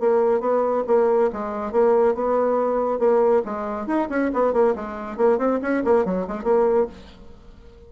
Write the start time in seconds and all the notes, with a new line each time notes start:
0.00 A#3
0.40 B3
0.87 A#3
1.33 G#3
1.72 A#3
2.15 B3
2.99 A#3
3.45 G#3
3.87 D#4
4.09 C#4
4.33 B3
4.53 A#3
4.75 G#3
5.17 A#3
5.38 C4
5.62 C#4
5.84 A#3
6.05 F#3
6.28 G#3
6.44 A#3